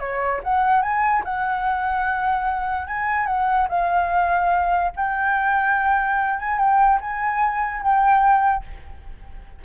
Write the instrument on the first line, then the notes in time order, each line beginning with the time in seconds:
flute
0.00 C#5
0.44 F#5
0.82 G#5
1.25 F#5
2.87 G#5
3.27 F#5
3.69 F5
4.97 G5
6.40 G#5
6.59 G5
7.01 G#5
7.82 G5